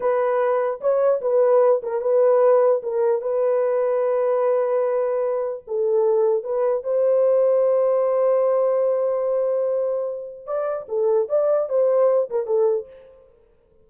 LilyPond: \new Staff \with { instrumentName = "horn" } { \time 4/4 \tempo 4 = 149 b'2 cis''4 b'4~ | b'8 ais'8 b'2 ais'4 | b'1~ | b'2 a'2 |
b'4 c''2.~ | c''1~ | c''2 d''4 a'4 | d''4 c''4. ais'8 a'4 | }